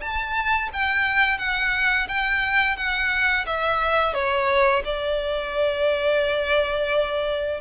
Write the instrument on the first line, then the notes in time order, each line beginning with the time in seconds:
violin
0.00 A5
0.73 G5
1.38 F#5
2.08 G5
2.76 F#5
3.46 E5
4.13 C#5
4.84 D5